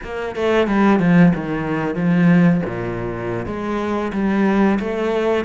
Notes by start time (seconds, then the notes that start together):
0.03 A#3
0.35 A3
0.67 G3
0.99 F3
1.35 D#3
1.95 F3
2.65 A#2
3.46 G#3
4.12 G3
4.79 A3